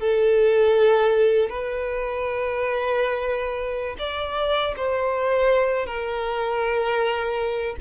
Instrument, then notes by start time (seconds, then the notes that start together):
violin
0.00 A4
1.49 B4
3.99 D5
4.77 C5
5.86 A#4